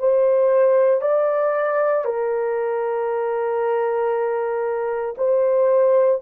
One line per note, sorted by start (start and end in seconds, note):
0.00 1.02 C5
1.02 2.05 D5
2.05 5.15 A#4
5.18 6.22 C5